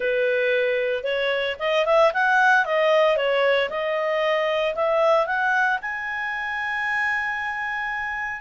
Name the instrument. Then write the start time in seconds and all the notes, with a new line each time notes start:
clarinet
0.00 B4
1.03 C#5
1.59 D#5
1.85 E5
2.13 F#5
2.65 D#5
3.16 C#5
3.69 D#5
4.75 E5
5.26 F#5
5.81 G#5